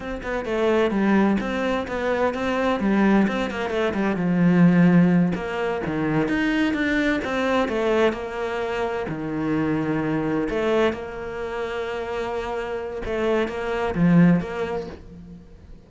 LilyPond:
\new Staff \with { instrumentName = "cello" } { \time 4/4 \tempo 4 = 129 c'8 b8 a4 g4 c'4 | b4 c'4 g4 c'8 ais8 | a8 g8 f2~ f8 ais8~ | ais8 dis4 dis'4 d'4 c'8~ |
c'8 a4 ais2 dis8~ | dis2~ dis8 a4 ais8~ | ais1 | a4 ais4 f4 ais4 | }